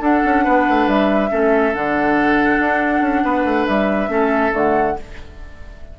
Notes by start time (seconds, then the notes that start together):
0.00 D4 A4 F#5
0.25 C#4
0.44 B3 B4
0.69 A3
0.87 G3 E5
1.30 A3 C#4 A4
1.74 D3 D4 F#5
2.59 D4
3.01 C#4
3.24 B3 B4
3.44 A3
3.67 G3 E5
4.09 A3 C#4 A4
4.52 D3 A3 F#5